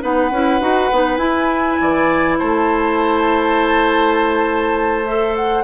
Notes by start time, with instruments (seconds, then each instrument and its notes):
0.00 bassoon B3, clarinet D#4, oboe B4, flute F#5
0.31 bassoon C#4, clarinet E4
0.60 bassoon D#4, clarinet F#4
0.91 bassoon B3, clarinet D#4
1.16 bassoon E4, clarinet E4, flute G#5
1.80 bassoon E3, oboe D5
2.38 bassoon A3, oboe C5, flute A5
5.05 clarinet A4, flute E5
5.35 flute F#5